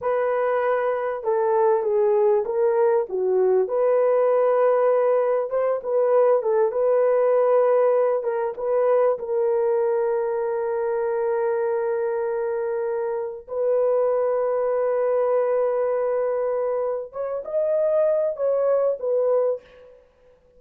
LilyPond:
\new Staff \with { instrumentName = "horn" } { \time 4/4 \tempo 4 = 98 b'2 a'4 gis'4 | ais'4 fis'4 b'2~ | b'4 c''8 b'4 a'8 b'4~ | b'4. ais'8 b'4 ais'4~ |
ais'1~ | ais'2 b'2~ | b'1 | cis''8 dis''4. cis''4 b'4 | }